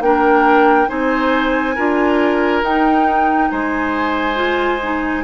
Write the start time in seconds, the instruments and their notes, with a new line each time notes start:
0.00 bassoon A#3, clarinet D4, oboe A#4, flute G5
0.88 bassoon C4, clarinet D#4, oboe C5, flute G#5
1.75 bassoon D4, clarinet F4, oboe A#4
2.62 bassoon D#4, clarinet D#4, flute G5
3.51 bassoon G#3, oboe C5, flute G#5
4.35 clarinet F4
4.83 clarinet D#4